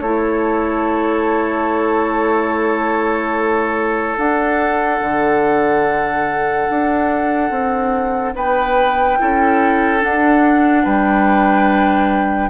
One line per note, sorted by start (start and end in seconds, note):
0.00 4.17 A3
0.00 4.19 E4
0.00 8.35 A4
0.00 4.17 C#5
4.17 5.01 D4
4.17 9.18 D4
4.17 8.35 F#5
5.01 6.68 D3
6.70 7.51 D4
7.51 8.34 C4
8.35 9.18 B3
8.35 9.19 B4
8.35 10.03 G5
9.18 10.04 C#4
9.18 10.00 E4
9.18 10.84 A4
10.00 12.50 D4
10.00 10.85 D4
10.00 10.85 F#5
10.84 12.50 G3
10.84 12.50 B4
10.84 12.50 G5